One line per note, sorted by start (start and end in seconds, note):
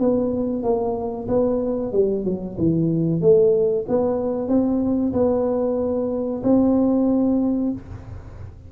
0.00 0.63 B3
0.63 1.28 A#3
1.28 1.93 B3
1.93 2.25 G3
2.25 2.57 F#3
2.58 3.21 E3
3.21 3.86 A3
3.89 4.49 B3
4.49 5.13 C4
5.13 6.43 B3
6.44 7.73 C4